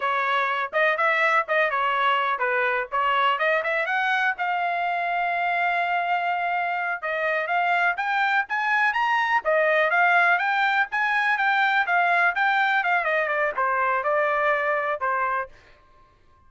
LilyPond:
\new Staff \with { instrumentName = "trumpet" } { \time 4/4 \tempo 4 = 124 cis''4. dis''8 e''4 dis''8 cis''8~ | cis''4 b'4 cis''4 dis''8 e''8 | fis''4 f''2.~ | f''2~ f''8 dis''4 f''8~ |
f''8 g''4 gis''4 ais''4 dis''8~ | dis''8 f''4 g''4 gis''4 g''8~ | g''8 f''4 g''4 f''8 dis''8 d''8 | c''4 d''2 c''4 | }